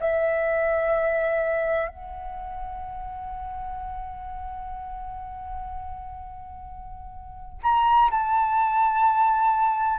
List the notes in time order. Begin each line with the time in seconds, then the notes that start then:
0.00 E5
1.88 F#5
7.63 A#5
8.11 A5